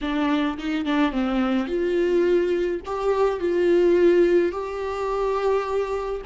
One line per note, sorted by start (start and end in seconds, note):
0.01 0.57 D4
0.58 0.85 D#4
0.85 1.12 D4
1.12 1.67 C4
1.67 2.80 F4
2.85 3.40 G4
3.40 4.52 F4
4.52 6.22 G4